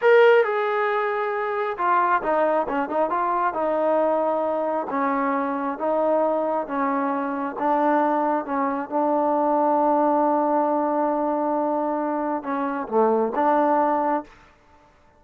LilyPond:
\new Staff \with { instrumentName = "trombone" } { \time 4/4 \tempo 4 = 135 ais'4 gis'2. | f'4 dis'4 cis'8 dis'8 f'4 | dis'2. cis'4~ | cis'4 dis'2 cis'4~ |
cis'4 d'2 cis'4 | d'1~ | d'1 | cis'4 a4 d'2 | }